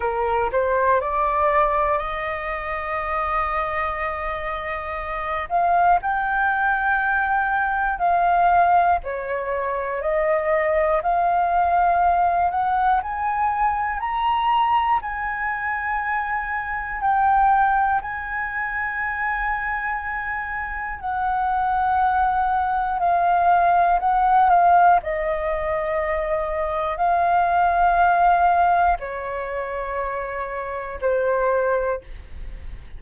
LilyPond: \new Staff \with { instrumentName = "flute" } { \time 4/4 \tempo 4 = 60 ais'8 c''8 d''4 dis''2~ | dis''4. f''8 g''2 | f''4 cis''4 dis''4 f''4~ | f''8 fis''8 gis''4 ais''4 gis''4~ |
gis''4 g''4 gis''2~ | gis''4 fis''2 f''4 | fis''8 f''8 dis''2 f''4~ | f''4 cis''2 c''4 | }